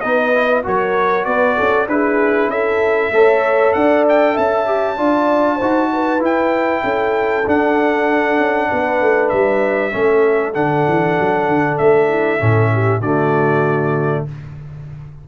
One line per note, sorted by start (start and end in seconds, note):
0.00 0.66 B3
0.00 0.34 D#4
0.00 0.64 B4
0.00 0.62 D#5
0.34 0.64 E4
0.64 1.26 F#3
0.64 1.87 F#4
0.64 1.27 A#4
0.64 1.24 C#5
1.24 1.57 B3
1.24 1.57 B4
1.24 1.86 D5
1.57 1.87 C#4
1.57 1.88 A4
1.87 2.48 D4
1.87 3.13 E4
1.87 2.51 G#4
1.87 2.50 B4
2.48 3.10 C#4
2.48 3.13 A4
2.48 3.73 E5
3.11 3.73 A3
3.11 4.65 A4
3.11 3.76 C#5
3.73 4.36 D4
3.73 4.34 D5
3.73 4.04 F#5
4.09 4.37 G5
4.34 4.98 C#4
4.34 4.96 E5
4.34 6.22 A5
4.65 4.96 G4
4.97 5.60 D4
4.97 5.59 F4
4.97 5.56 D5
5.56 6.19 D#4
5.56 6.19 F#4
5.56 5.87 C5
5.93 6.83 B4
6.19 7.43 E4
6.19 6.81 E4
6.19 7.48 G5
6.83 7.45 C#4
6.83 8.69 A4
7.46 8.38 D4
7.46 9.91 D4
7.46 9.29 F#5
8.38 8.69 C#4
8.69 9.01 B3
8.69 9.92 B4
9.01 9.32 A3
9.29 9.94 G3
9.29 10.52 E5
9.91 10.55 A3
9.91 10.53 C#4
9.91 12.08 A4
10.53 10.86 D3
10.53 12.39 D4
10.53 11.77 F#5
10.87 11.18 E3
11.19 11.48 F#3
11.48 11.78 D3
11.77 12.41 A3
11.77 13.01 E5
12.08 12.39 E4
12.39 13.00 A2
12.39 13.00 C#4
12.39 12.71 A4
12.73 12.99 G4
12.99 14.24 D3
12.99 14.28 A3
12.99 14.23 F#4
12.99 14.25 D5